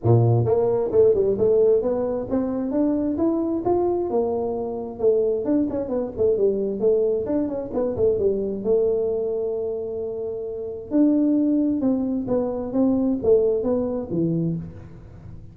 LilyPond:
\new Staff \with { instrumentName = "tuba" } { \time 4/4 \tempo 4 = 132 ais,4 ais4 a8 g8 a4 | b4 c'4 d'4 e'4 | f'4 ais2 a4 | d'8 cis'8 b8 a8 g4 a4 |
d'8 cis'8 b8 a8 g4 a4~ | a1 | d'2 c'4 b4 | c'4 a4 b4 e4 | }